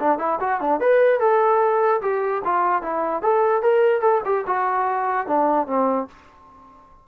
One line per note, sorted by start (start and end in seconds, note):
0.00 0.19 D4
0.19 0.39 E4
0.41 0.61 F#4
0.61 0.81 D4
0.81 1.20 B4
1.20 2.01 A4
2.02 2.43 G4
2.45 2.83 F4
2.83 3.22 E4
3.22 3.63 A4
3.63 4.02 A#4
4.02 4.22 A4
4.25 4.46 G4
4.47 5.28 F#4
5.28 5.68 D4
5.68 6.08 C4